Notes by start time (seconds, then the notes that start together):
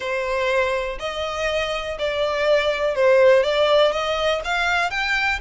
0.00 C5
0.99 D#5
1.98 D5
2.95 C5
3.43 D5
3.91 D#5
4.44 F5
4.90 G5